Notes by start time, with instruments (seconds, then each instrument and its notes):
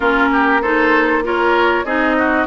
0.00 bassoon A#3, clarinet C#4, oboe F4, flute A#4
0.32 oboe G4
0.61 clarinet D#4, oboe A4, flute C5
1.23 clarinet F4, oboe A#4, flute C#5
1.84 bassoon C4, clarinet D#4, oboe G#4, flute D#5
2.18 oboe F#4